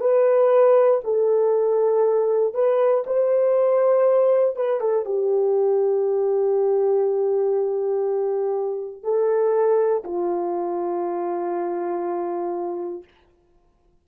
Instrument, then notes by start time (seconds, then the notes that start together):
horn
0.00 B4
1.04 A4
2.54 B4
3.06 C5
4.56 B4
4.80 A4
5.05 G4
9.03 A4
10.04 F4